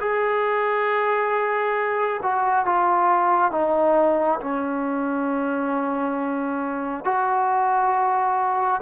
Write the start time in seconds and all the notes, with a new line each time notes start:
0.00 G#4
2.23 F#4
2.65 F4
3.51 D#4
4.40 C#4
7.05 F#4